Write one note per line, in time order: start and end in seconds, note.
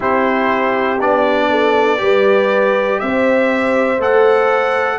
0.00 1.01 C4
0.00 0.99 E4
0.00 1.47 G4
0.00 1.00 C5
0.99 2.01 B3
0.99 1.97 D4
0.99 2.99 D5
1.50 2.00 A4
1.97 3.01 G3
1.97 3.97 G4
1.97 3.01 B4
2.99 3.98 C4
2.99 4.99 C5
2.99 3.99 E5
3.98 4.98 A3
3.98 4.99 A4
3.98 4.99 F#5